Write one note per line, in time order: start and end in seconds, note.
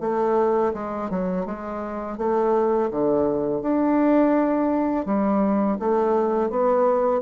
0.00 0.72 A3
0.73 1.09 G#3
1.10 1.45 F#3
1.45 2.17 G#3
2.17 2.89 A3
2.90 3.61 D3
3.61 5.05 D4
5.05 5.77 G3
5.79 6.49 A3
6.49 7.21 B3